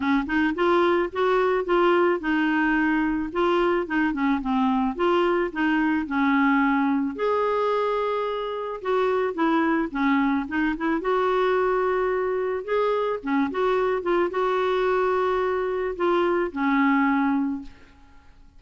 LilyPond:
\new Staff \with { instrumentName = "clarinet" } { \time 4/4 \tempo 4 = 109 cis'8 dis'8 f'4 fis'4 f'4 | dis'2 f'4 dis'8 cis'8 | c'4 f'4 dis'4 cis'4~ | cis'4 gis'2. |
fis'4 e'4 cis'4 dis'8 e'8 | fis'2. gis'4 | cis'8 fis'4 f'8 fis'2~ | fis'4 f'4 cis'2 | }